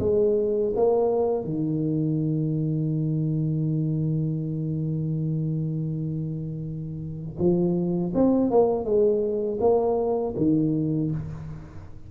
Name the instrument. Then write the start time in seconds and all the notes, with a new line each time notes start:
tuba
0.00 G#3
0.76 A#3
1.45 D#3
7.39 F3
8.14 C4
8.51 A#3
8.85 G#3
9.61 A#3
10.37 D#3